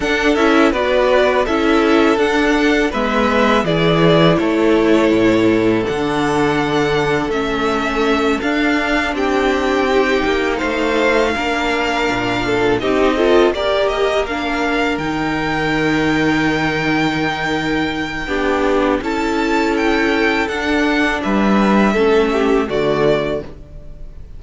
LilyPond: <<
  \new Staff \with { instrumentName = "violin" } { \time 4/4 \tempo 4 = 82 fis''8 e''8 d''4 e''4 fis''4 | e''4 d''4 cis''2 | fis''2 e''4. f''8~ | f''8 g''2 f''4.~ |
f''4. dis''4 d''8 dis''8 f''8~ | f''8 g''2.~ g''8~ | g''2 a''4 g''4 | fis''4 e''2 d''4 | }
  \new Staff \with { instrumentName = "violin" } { \time 4/4 a'4 b'4 a'2 | b'4 gis'4 a'2~ | a'1~ | a'8 g'2 c''4 ais'8~ |
ais'4 a'8 g'8 a'8 ais'4.~ | ais'1~ | ais'4 g'4 a'2~ | a'4 b'4 a'8 g'8 fis'4 | }
  \new Staff \with { instrumentName = "viola" } { \time 4/4 d'8 e'8 fis'4 e'4 d'4 | b4 e'2. | d'2 cis'4. d'8~ | d'4. dis'2 d'8~ |
d'4. dis'8 f'8 g'4 d'8~ | d'8 dis'2.~ dis'8~ | dis'4 d'4 e'2 | d'2 cis'4 a4 | }
  \new Staff \with { instrumentName = "cello" } { \time 4/4 d'8 cis'8 b4 cis'4 d'4 | gis4 e4 a4 a,4 | d2 a4. d'8~ | d'8 c'4. ais8 a4 ais8~ |
ais8 ais,4 c'4 ais4.~ | ais8 dis2.~ dis8~ | dis4 b4 cis'2 | d'4 g4 a4 d4 | }
>>